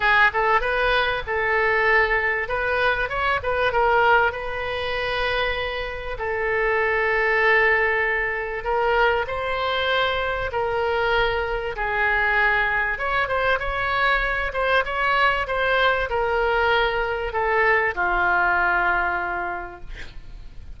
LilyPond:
\new Staff \with { instrumentName = "oboe" } { \time 4/4 \tempo 4 = 97 gis'8 a'8 b'4 a'2 | b'4 cis''8 b'8 ais'4 b'4~ | b'2 a'2~ | a'2 ais'4 c''4~ |
c''4 ais'2 gis'4~ | gis'4 cis''8 c''8 cis''4. c''8 | cis''4 c''4 ais'2 | a'4 f'2. | }